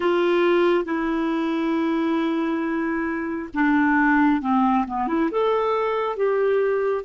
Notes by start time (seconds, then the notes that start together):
0.00 F4
0.84 E4
3.53 D4
4.41 C4
4.87 B3
5.07 E4
5.31 A4
6.16 G4